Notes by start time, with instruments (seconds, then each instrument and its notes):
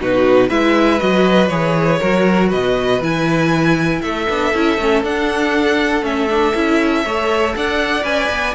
0.00 cello B2, viola D#4, violin F#4 B4
0.49 cello G#3, viola E4, violin B4 E5
1.00 cello F#3, viola F#4, violin D#5
1.48 cello E3, viola G#4, violin C#5
1.99 cello F#3, viola F#4, violin A#4
2.49 cello B2, violin B4 D#5
3.01 cello E3, viola E4, violin G#5
4.02 cello A3, violin A4 E5
4.30 cello B3, viola D4
4.54 cello C#4, viola E4
4.78 cello A3, viola C#4
5.03 cello D4, viola D4, violin F#5
6.02 cello A3, viola C#4, violin E5
6.30 viola D4
6.54 cello C#4, viola E4
7.05 cello A3, viola A4, violin C#5
7.56 cello D4, violin D5 F#5
8.03 cello C#4, viola B4, violin G#5
8.30 cello B3